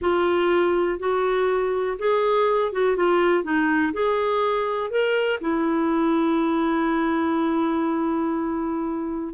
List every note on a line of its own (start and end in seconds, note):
0.01 0.99 F4
0.99 1.97 F#4
1.99 2.72 G#4
2.72 2.96 F#4
2.96 3.43 F4
3.43 3.93 D#4
3.93 4.90 G#4
4.90 5.39 A#4
5.41 9.34 E4